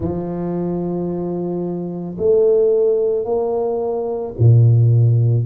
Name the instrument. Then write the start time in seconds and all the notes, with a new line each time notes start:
tuba
0.00 F3
2.18 A3
3.24 A#3
4.38 A#2